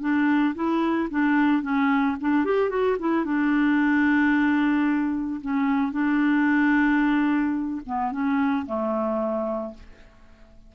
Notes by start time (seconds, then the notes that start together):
0.00 D4
0.54 E4
1.10 D4
1.62 C#4
2.20 D4
2.44 G4
2.69 F#4
2.99 E4
3.24 D4
5.41 C#4
5.92 D4
7.86 B3
8.11 C#4
8.66 A3